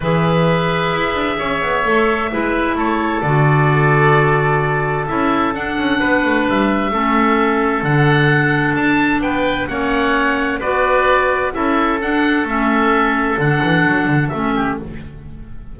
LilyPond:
<<
  \new Staff \with { instrumentName = "oboe" } { \time 4/4 \tempo 4 = 130 e''1~ | e''2 cis''4 d''4~ | d''2. e''4 | fis''2 e''2~ |
e''4 fis''2 a''4 | g''4 fis''2 d''4~ | d''4 e''4 fis''4 e''4~ | e''4 fis''2 e''4 | }
  \new Staff \with { instrumentName = "oboe" } { \time 4/4 b'2. cis''4~ | cis''4 b'4 a'2~ | a'1~ | a'4 b'2 a'4~ |
a'1 | b'4 cis''2 b'4~ | b'4 a'2.~ | a'2.~ a'8 g'8 | }
  \new Staff \with { instrumentName = "clarinet" } { \time 4/4 gis'1 | a'4 e'2 fis'4~ | fis'2. e'4 | d'2. cis'4~ |
cis'4 d'2.~ | d'4 cis'2 fis'4~ | fis'4 e'4 d'4 cis'4~ | cis'4 d'2 cis'4 | }
  \new Staff \with { instrumentName = "double bass" } { \time 4/4 e2 e'8 d'8 cis'8 b8 | a4 gis4 a4 d4~ | d2. cis'4 | d'8 cis'8 b8 a8 g4 a4~ |
a4 d2 d'4 | b4 ais2 b4~ | b4 cis'4 d'4 a4~ | a4 d8 e8 fis8 d8 a4 | }
>>